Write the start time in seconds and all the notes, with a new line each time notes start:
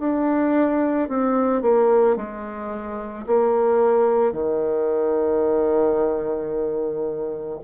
0.00 D4
1.09 C4
1.63 A#3
2.17 G#3
3.27 A#3
4.33 D#3